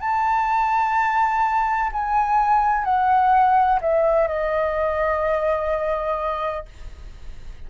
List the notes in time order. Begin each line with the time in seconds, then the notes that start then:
0.00 A5
1.92 G#5
2.84 F#5
3.81 E5
4.27 D#5